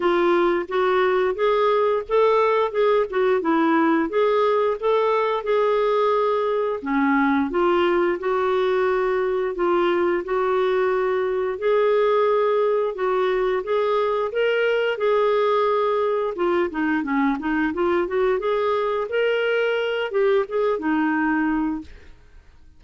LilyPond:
\new Staff \with { instrumentName = "clarinet" } { \time 4/4 \tempo 4 = 88 f'4 fis'4 gis'4 a'4 | gis'8 fis'8 e'4 gis'4 a'4 | gis'2 cis'4 f'4 | fis'2 f'4 fis'4~ |
fis'4 gis'2 fis'4 | gis'4 ais'4 gis'2 | f'8 dis'8 cis'8 dis'8 f'8 fis'8 gis'4 | ais'4. g'8 gis'8 dis'4. | }